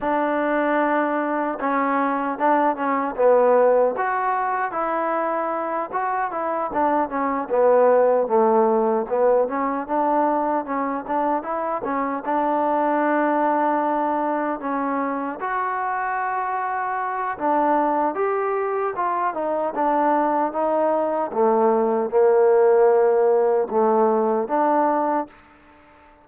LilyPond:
\new Staff \with { instrumentName = "trombone" } { \time 4/4 \tempo 4 = 76 d'2 cis'4 d'8 cis'8 | b4 fis'4 e'4. fis'8 | e'8 d'8 cis'8 b4 a4 b8 | cis'8 d'4 cis'8 d'8 e'8 cis'8 d'8~ |
d'2~ d'8 cis'4 fis'8~ | fis'2 d'4 g'4 | f'8 dis'8 d'4 dis'4 a4 | ais2 a4 d'4 | }